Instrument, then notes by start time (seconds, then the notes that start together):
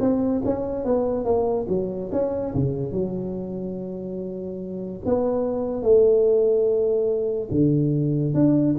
tuba
0.00 C4
0.45 C#4
0.85 B3
1.25 A#3
1.69 F#3
2.12 C#4
2.55 C#3
2.92 F#3
5.05 B3
5.83 A3
7.51 D3
8.34 D4